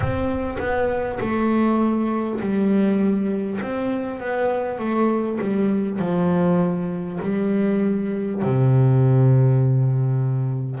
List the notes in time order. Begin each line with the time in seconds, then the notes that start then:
0.00 C4
0.58 B3
1.20 A3
2.40 G3
3.61 C4
4.19 B3
4.78 A3
5.40 G3
5.99 F3
7.22 G3
8.42 C3